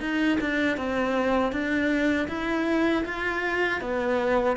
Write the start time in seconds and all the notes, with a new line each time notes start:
0.00 D#4
0.40 D4
0.77 C4
1.52 D4
2.28 E4
3.04 F4
3.81 B3